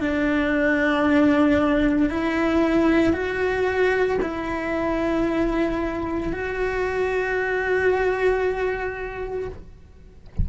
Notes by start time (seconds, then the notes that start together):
0.00 D4
2.10 E4
3.13 F#4
4.22 E4
6.33 F#4